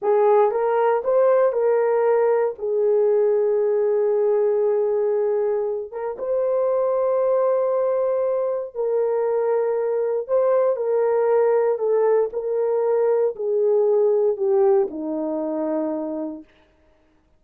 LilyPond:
\new Staff \with { instrumentName = "horn" } { \time 4/4 \tempo 4 = 117 gis'4 ais'4 c''4 ais'4~ | ais'4 gis'2.~ | gis'2.~ gis'8 ais'8 | c''1~ |
c''4 ais'2. | c''4 ais'2 a'4 | ais'2 gis'2 | g'4 dis'2. | }